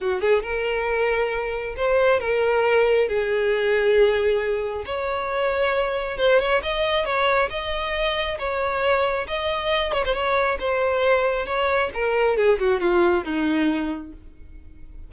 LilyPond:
\new Staff \with { instrumentName = "violin" } { \time 4/4 \tempo 4 = 136 fis'8 gis'8 ais'2. | c''4 ais'2 gis'4~ | gis'2. cis''4~ | cis''2 c''8 cis''8 dis''4 |
cis''4 dis''2 cis''4~ | cis''4 dis''4. cis''16 c''16 cis''4 | c''2 cis''4 ais'4 | gis'8 fis'8 f'4 dis'2 | }